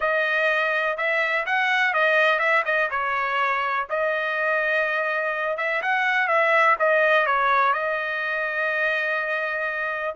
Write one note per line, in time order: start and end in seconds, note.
0.00 0.97 D#5
0.97 1.45 E5
1.46 1.93 F#5
1.93 2.39 D#5
2.39 2.63 E5
2.65 2.89 D#5
2.90 3.87 C#5
3.89 5.57 D#5
5.57 5.81 E5
5.82 6.27 F#5
6.27 6.75 E5
6.79 7.26 D#5
7.26 7.73 C#5
7.73 10.15 D#5